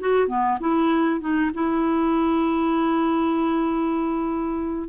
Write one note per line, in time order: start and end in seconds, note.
0.00 0.28 F#4
0.28 0.58 B3
0.60 1.20 E4
1.20 1.51 D#4
1.54 4.89 E4